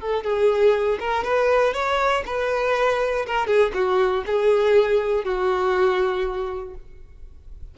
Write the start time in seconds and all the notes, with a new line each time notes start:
0.00 A4
0.23 G#4
0.99 A#4
1.24 B4
1.74 C#5
2.26 B4
3.26 A#4
3.47 G#4
3.74 F#4
4.26 G#4
5.24 F#4